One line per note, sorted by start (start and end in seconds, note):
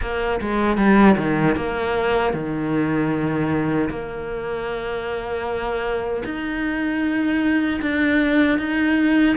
0.01 0.40 A#3
0.41 0.77 G#3
0.77 1.16 G3
1.17 1.55 D#3
1.56 2.33 A#3
2.33 3.89 D#3
3.89 6.23 A#3
6.24 7.80 D#4
7.81 8.58 D4
8.58 9.36 D#4